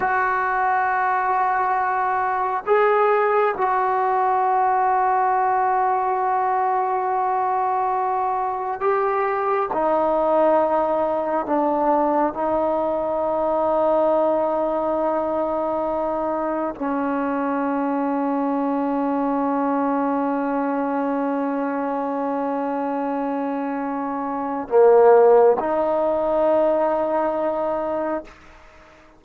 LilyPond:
\new Staff \with { instrumentName = "trombone" } { \time 4/4 \tempo 4 = 68 fis'2. gis'4 | fis'1~ | fis'2 g'4 dis'4~ | dis'4 d'4 dis'2~ |
dis'2. cis'4~ | cis'1~ | cis'1 | ais4 dis'2. | }